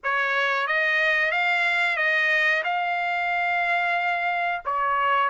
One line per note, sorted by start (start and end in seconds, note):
0.03 0.67 C#5
0.67 1.31 D#5
1.31 1.96 F5
1.96 2.62 D#5
2.63 4.61 F5
4.65 5.29 C#5